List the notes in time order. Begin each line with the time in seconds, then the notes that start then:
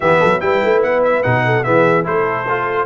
0.00 E3 B3 G4 E5
0.19 F#3 A4
0.40 G3 E4 B4 G5
0.64 A3
0.82 B3 F#5
1.03 E5
1.22 B2 D#4 F#5
1.45 A4
1.63 E3 B3 G#4 E5
2.03 A3 E4 A4 C5
2.48 F4